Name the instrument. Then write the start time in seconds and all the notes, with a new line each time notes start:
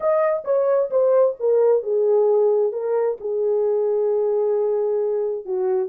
horn
0.00 D#5
0.44 C#5
0.90 C5
1.39 A#4
1.82 G#4
2.72 A#4
3.20 G#4
5.45 F#4